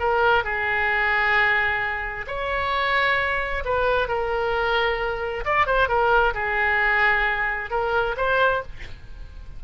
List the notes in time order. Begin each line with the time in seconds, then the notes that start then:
0.00 A#4
0.44 G#4
2.27 C#5
3.65 B4
4.08 A#4
5.45 D5
5.67 C5
5.89 A#4
6.34 G#4
7.71 A#4
8.17 C5